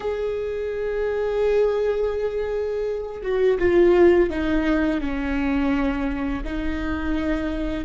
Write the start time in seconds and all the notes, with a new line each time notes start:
0.00 G#4
3.22 F#4
3.58 F4
4.30 D#4
5.00 C#4
6.44 D#4